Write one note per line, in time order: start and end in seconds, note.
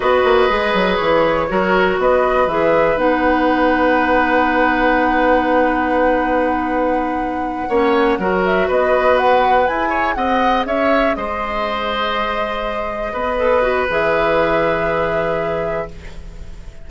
0.00 0.23 B3
0.00 0.49 F#4
0.00 1.46 B4
0.00 0.95 D#5
0.24 0.49 A#3
0.49 0.73 G#3
0.49 1.48 G#4
0.73 0.98 F#3
0.96 1.49 E3
0.96 1.95 C#5
1.49 1.98 F#3
1.49 2.48 F#4
1.49 2.00 A#4
1.98 2.46 B3
1.98 7.68 B4
1.98 2.48 D#5
2.46 2.96 E3
2.46 2.96 G#4
2.46 2.97 E5
2.96 7.67 B3
2.96 7.67 D#4
2.96 8.43 F#5
7.68 8.18 A#3
7.68 8.20 C#4
7.68 8.18 C#5
8.18 8.67 F#3
8.18 9.66 F#4
8.18 8.67 A#4
8.45 8.70 E5
8.67 9.68 B3
8.67 9.89 B4
8.67 9.17 D#5
9.17 9.67 F#5
9.66 10.16 E4
9.66 13.37 G#4
9.66 10.14 G#5
9.89 10.14 C#5
10.14 10.65 C4
10.14 10.67 D#5
10.14 10.64 F#5
10.65 11.15 C#4
10.65 11.16 C#5
10.65 11.15 E5
11.15 13.13 G#3
11.15 13.12 C5
11.15 13.87 D#5
13.12 13.87 B3
13.12 15.85 B4
13.37 13.61 A4
13.61 13.86 F#4
13.89 15.87 E3
13.89 15.88 G#4
13.89 15.90 E5